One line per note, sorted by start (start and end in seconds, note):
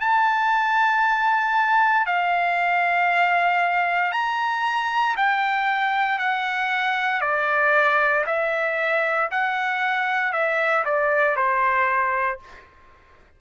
0.00 2.06 A5
2.06 4.12 F5
4.12 5.15 A#5
5.16 6.18 G5
6.18 7.21 F#5
7.21 8.24 D5
8.26 9.30 E5
9.31 10.33 F#5
10.33 10.84 E5
10.85 11.36 D5
11.36 12.39 C5